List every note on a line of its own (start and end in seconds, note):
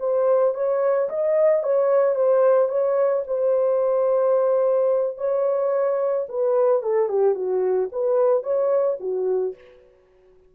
0.00 0.55 C5
0.55 1.09 C#5
1.09 1.63 D#5
1.63 2.15 C#5
2.15 2.69 C5
2.69 3.24 C#5
3.28 5.18 C5
5.18 6.27 C#5
6.29 6.83 B4
6.83 7.09 A4
7.09 7.35 G4
7.35 7.89 F#4
7.92 8.43 B4
8.43 8.98 C#5
9.00 9.55 F#4